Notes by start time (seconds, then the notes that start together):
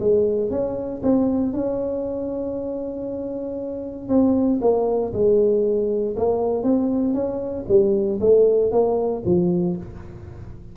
0.00 G#3
0.50 C#4
1.03 C4
1.53 C#4
4.08 C4
4.61 A#3
5.13 G#3
6.16 A#3
6.63 C4
7.14 C#4
7.68 G3
8.20 A3
8.72 A#3
9.25 F3